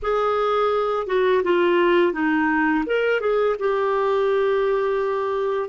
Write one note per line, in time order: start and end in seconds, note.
0.02 1.06 G#4
1.06 1.42 F#4
1.43 2.12 F4
2.12 2.84 D#4
2.85 3.20 A#4
3.20 3.56 G#4
3.59 5.69 G4